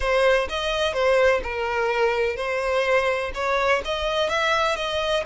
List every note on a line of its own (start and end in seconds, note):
0.00 0.47 C5
0.49 0.93 D#5
0.93 1.40 C5
1.43 2.36 A#4
2.36 3.31 C5
3.34 3.82 C#5
3.84 4.29 D#5
4.29 4.76 E5
4.76 5.23 D#5